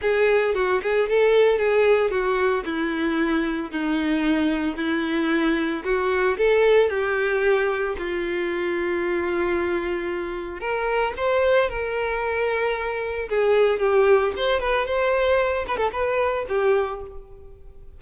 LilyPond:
\new Staff \with { instrumentName = "violin" } { \time 4/4 \tempo 4 = 113 gis'4 fis'8 gis'8 a'4 gis'4 | fis'4 e'2 dis'4~ | dis'4 e'2 fis'4 | a'4 g'2 f'4~ |
f'1 | ais'4 c''4 ais'2~ | ais'4 gis'4 g'4 c''8 b'8 | c''4. b'16 a'16 b'4 g'4 | }